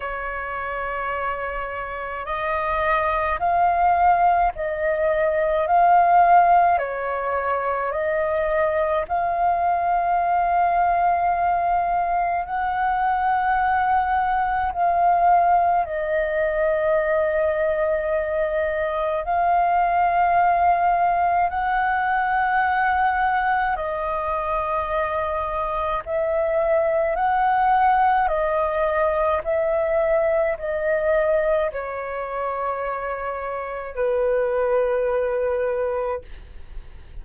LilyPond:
\new Staff \with { instrumentName = "flute" } { \time 4/4 \tempo 4 = 53 cis''2 dis''4 f''4 | dis''4 f''4 cis''4 dis''4 | f''2. fis''4~ | fis''4 f''4 dis''2~ |
dis''4 f''2 fis''4~ | fis''4 dis''2 e''4 | fis''4 dis''4 e''4 dis''4 | cis''2 b'2 | }